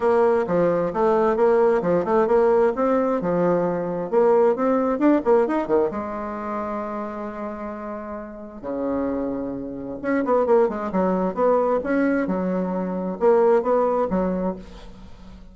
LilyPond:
\new Staff \with { instrumentName = "bassoon" } { \time 4/4 \tempo 4 = 132 ais4 f4 a4 ais4 | f8 a8 ais4 c'4 f4~ | f4 ais4 c'4 d'8 ais8 | dis'8 dis8 gis2.~ |
gis2. cis4~ | cis2 cis'8 b8 ais8 gis8 | fis4 b4 cis'4 fis4~ | fis4 ais4 b4 fis4 | }